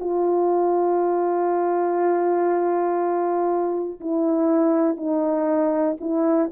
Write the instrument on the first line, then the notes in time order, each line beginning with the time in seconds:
horn
0.00 F4
4.00 E4
4.97 D#4
6.00 E4